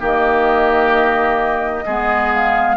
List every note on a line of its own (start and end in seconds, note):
0.00 1.86 D#3
0.00 1.85 A#3
0.00 1.85 G4
0.00 2.32 D#5
1.86 2.77 G#3
1.86 2.77 B3
1.86 2.77 G#4
2.33 2.77 F5